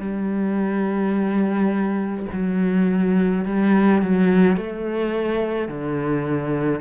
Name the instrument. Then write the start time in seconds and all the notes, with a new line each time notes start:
cello
0.00 G3
2.33 F#3
3.46 G3
4.02 F#3
4.57 A3
5.69 D3